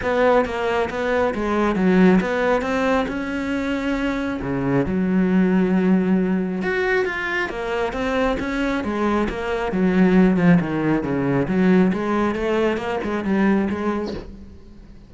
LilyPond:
\new Staff \with { instrumentName = "cello" } { \time 4/4 \tempo 4 = 136 b4 ais4 b4 gis4 | fis4 b4 c'4 cis'4~ | cis'2 cis4 fis4~ | fis2. fis'4 |
f'4 ais4 c'4 cis'4 | gis4 ais4 fis4. f8 | dis4 cis4 fis4 gis4 | a4 ais8 gis8 g4 gis4 | }